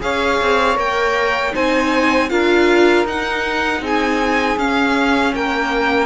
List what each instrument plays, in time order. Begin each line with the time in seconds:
0.00 cello C#4, viola G#4, saxophone C#5, violin F5
0.41 cello C4
0.75 cello A#3, viola A#4, violin G5
1.52 cello C4, viola D#4, saxophone C5, violin G#5
2.29 cello D4, viola F4, saxophone A#4, violin F5
3.05 cello D#4, viola D#4, violin F#5
3.80 cello C4, saxophone G#4
3.86 violin G#5
4.57 cello C#4, viola C#4, violin F5
5.34 cello A#3, saxophone A#4, violin G5